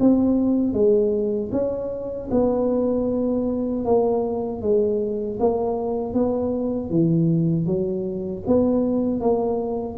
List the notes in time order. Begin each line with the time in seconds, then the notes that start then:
0.00 C4
0.73 G#3
1.52 C#4
2.31 B3
3.85 A#3
4.62 G#3
5.40 A#3
6.14 B3
6.90 E3
7.66 F#3
8.47 B3
9.21 A#3